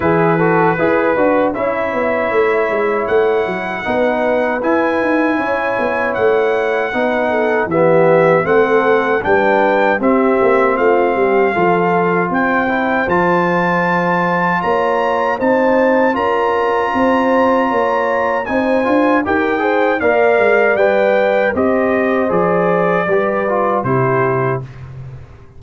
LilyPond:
<<
  \new Staff \with { instrumentName = "trumpet" } { \time 4/4 \tempo 4 = 78 b'2 e''2 | fis''2 gis''2 | fis''2 e''4 fis''4 | g''4 e''4 f''2 |
g''4 a''2 ais''4 | a''4 ais''2. | gis''4 g''4 f''4 g''4 | dis''4 d''2 c''4 | }
  \new Staff \with { instrumentName = "horn" } { \time 4/4 gis'8 a'8 b'4 cis''2~ | cis''4 b'2 cis''4~ | cis''4 b'8 a'8 g'4 a'4 | b'4 g'4 f'8 g'8 a'4 |
c''2. cis''4 | c''4 ais'4 c''4 cis''4 | c''4 ais'8 c''8 d''2 | c''2 b'4 g'4 | }
  \new Staff \with { instrumentName = "trombone" } { \time 4/4 e'8 fis'8 gis'8 fis'8 e'2~ | e'4 dis'4 e'2~ | e'4 dis'4 b4 c'4 | d'4 c'2 f'4~ |
f'8 e'8 f'2. | dis'4 f'2. | dis'8 f'8 g'8 gis'8 ais'4 b'4 | g'4 gis'4 g'8 f'8 e'4 | }
  \new Staff \with { instrumentName = "tuba" } { \time 4/4 e4 e'8 d'8 cis'8 b8 a8 gis8 | a8 fis8 b4 e'8 dis'8 cis'8 b8 | a4 b4 e4 a4 | g4 c'8 ais8 a8 g8 f4 |
c'4 f2 ais4 | c'4 cis'4 c'4 ais4 | c'8 d'8 dis'4 ais8 gis8 g4 | c'4 f4 g4 c4 | }
>>